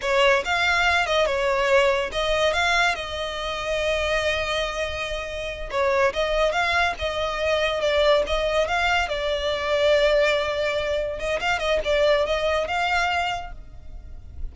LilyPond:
\new Staff \with { instrumentName = "violin" } { \time 4/4 \tempo 4 = 142 cis''4 f''4. dis''8 cis''4~ | cis''4 dis''4 f''4 dis''4~ | dis''1~ | dis''4. cis''4 dis''4 f''8~ |
f''8 dis''2 d''4 dis''8~ | dis''8 f''4 d''2~ d''8~ | d''2~ d''8 dis''8 f''8 dis''8 | d''4 dis''4 f''2 | }